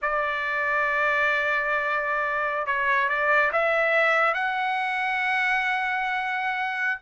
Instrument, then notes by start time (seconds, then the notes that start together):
trumpet
0.02 D5
2.66 C#5
3.08 D5
3.52 E5
4.34 F#5